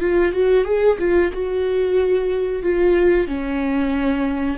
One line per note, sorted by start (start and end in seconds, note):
0.00 0.32 F4
0.32 0.65 F#4
0.65 0.97 G#4
0.99 1.32 F4
1.33 2.62 F#4
2.62 3.27 F4
3.27 4.58 C#4